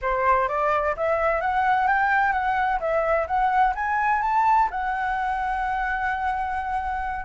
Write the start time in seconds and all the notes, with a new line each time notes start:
0.01 C5
0.48 D5
0.96 E5
1.41 F#5
1.87 G5
2.32 F#5
2.80 E5
3.27 F#5
3.75 G#5
4.22 A5
4.70 F#5